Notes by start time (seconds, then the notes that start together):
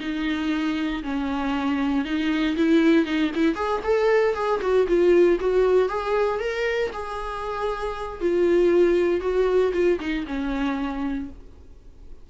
0.00 D#4
1.03 C#4
2.05 D#4
2.56 E4
3.06 D#4
3.35 E4
3.55 G#4
3.83 A4
4.34 G#4
4.61 F#4
4.87 F4
5.40 F#4
5.89 G#4
6.40 A#4
6.93 G#4
8.21 F4
9.21 F#4
9.73 F4
10.00 D#4
10.27 C#4